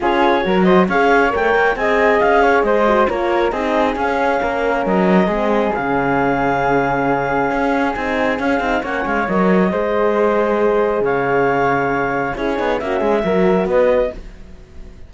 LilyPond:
<<
  \new Staff \with { instrumentName = "clarinet" } { \time 4/4 \tempo 4 = 136 cis''4. dis''8 f''4 g''4 | gis''4 f''4 dis''4 cis''4 | dis''4 f''2 dis''4~ | dis''4 f''2.~ |
f''2 gis''4 f''4 | fis''8 f''8 dis''2.~ | dis''4 f''2. | cis''4 e''2 dis''4 | }
  \new Staff \with { instrumentName = "flute" } { \time 4/4 gis'4 ais'8 c''8 cis''2 | dis''4. cis''8 c''4 ais'4 | gis'2 ais'2 | gis'1~ |
gis'1 | cis''2 c''2~ | c''4 cis''2. | gis'4 fis'8 gis'8 ais'4 b'4 | }
  \new Staff \with { instrumentName = "horn" } { \time 4/4 f'4 fis'4 gis'4 ais'4 | gis'2~ gis'8 fis'8 f'4 | dis'4 cis'2. | c'4 cis'2.~ |
cis'2 dis'4 cis'8 dis'8 | cis'4 ais'4 gis'2~ | gis'1 | e'8 dis'8 cis'4 fis'2 | }
  \new Staff \with { instrumentName = "cello" } { \time 4/4 cis'4 fis4 cis'4 a8 ais8 | c'4 cis'4 gis4 ais4 | c'4 cis'4 ais4 fis4 | gis4 cis2.~ |
cis4 cis'4 c'4 cis'8 c'8 | ais8 gis8 fis4 gis2~ | gis4 cis2. | cis'8 b8 ais8 gis8 fis4 b4 | }
>>